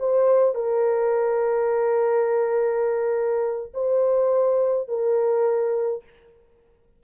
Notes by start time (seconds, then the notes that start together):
0.00 C5
0.55 A#4
3.74 C5
4.89 A#4